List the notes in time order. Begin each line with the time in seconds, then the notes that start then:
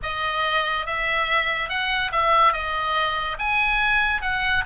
0.02 D#5
0.86 E5
1.69 F#5
2.12 E5
2.52 D#5
3.38 G#5
4.21 F#5